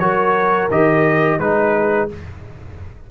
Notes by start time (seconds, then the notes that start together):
0.00 F#3 F#4 A#4 C#5
0.71 D#3 G4 D#5
1.40 G#3 D#4 G#4 B4